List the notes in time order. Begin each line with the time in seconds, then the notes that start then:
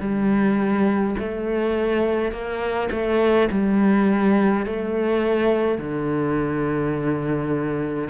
0.00 G3
1.19 A3
2.32 A#3
2.91 A3
3.51 G3
4.66 A3
5.78 D3